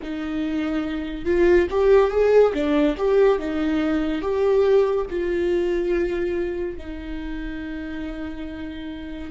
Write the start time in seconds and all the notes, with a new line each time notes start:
0.02 D#4
1.25 F4
1.70 G4
2.10 G#4
2.53 D4
2.97 G4
3.38 D#4
4.21 G4
5.10 F4
6.77 D#4